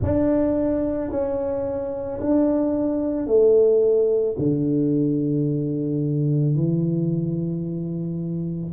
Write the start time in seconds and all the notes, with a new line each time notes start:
0.02 D4
1.10 C#4
2.20 D4
3.26 A3
4.38 D3
6.55 E3